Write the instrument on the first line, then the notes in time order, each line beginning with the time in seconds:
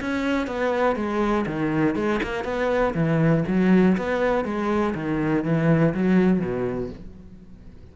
cello
0.00 C#4
0.47 B3
0.95 G#3
1.46 D#3
1.95 G#3
2.23 A#3
2.44 B3
2.94 E3
3.47 F#3
3.97 B3
4.44 G#3
4.94 D#3
5.44 E3
5.94 F#3
6.40 B2